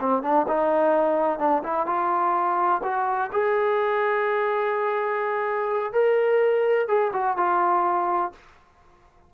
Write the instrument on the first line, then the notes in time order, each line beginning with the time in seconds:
trombone
0.00 C4
0.22 D4
0.48 D#4
1.39 D4
1.63 E4
1.86 F4
2.83 F#4
3.32 G#4
5.92 A#4
6.87 G#4
7.13 F#4
7.37 F4